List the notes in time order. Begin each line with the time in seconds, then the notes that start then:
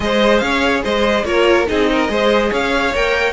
0.00 G#3 G#4 C5 D#5
0.38 C#4 C#5 F5
0.83 G#3 C5 D#5
1.24 A#3 F4 A#4 C#5
1.67 C4 D#4 G#4 D#5
1.91 A#4
2.08 G#3 G#4 C5
2.49 C#4 C#5 F5
2.94 A#3 A#4 G5